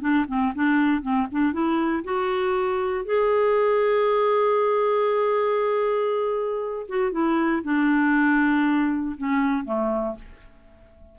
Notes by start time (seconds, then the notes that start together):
0.00 D4
0.27 C4
0.55 D4
1.02 C4
1.31 D4
1.52 E4
2.04 F#4
3.05 G#4
6.88 F#4
7.11 E4
7.63 D4
9.17 C#4
9.64 A3